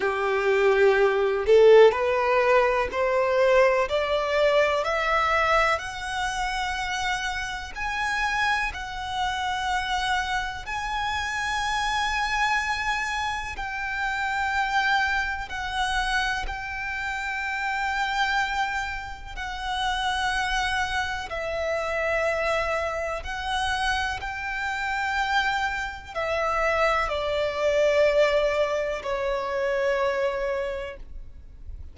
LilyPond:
\new Staff \with { instrumentName = "violin" } { \time 4/4 \tempo 4 = 62 g'4. a'8 b'4 c''4 | d''4 e''4 fis''2 | gis''4 fis''2 gis''4~ | gis''2 g''2 |
fis''4 g''2. | fis''2 e''2 | fis''4 g''2 e''4 | d''2 cis''2 | }